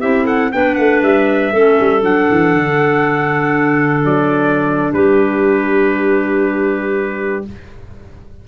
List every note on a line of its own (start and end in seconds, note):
0.00 0.54 C4
0.00 0.51 E4
0.00 0.24 G4
0.00 0.26 E5
0.24 0.49 A4
0.24 0.52 F#5
0.52 0.78 B3
0.52 1.53 D4
0.52 1.53 B4
0.52 0.75 G5
0.75 1.03 A3
0.75 1.00 F#5
1.03 1.53 G3
1.03 2.04 E5
1.53 1.79 A3
1.53 2.01 C#4
1.53 4.93 A4
1.80 2.03 G3
2.01 2.28 F#3
2.01 7.43 D4
2.01 4.05 F#5
2.31 2.55 E3
2.55 4.04 D3
4.04 4.93 F#3
4.04 4.93 D5
4.93 7.45 G3
4.93 7.47 G4
4.93 7.45 B4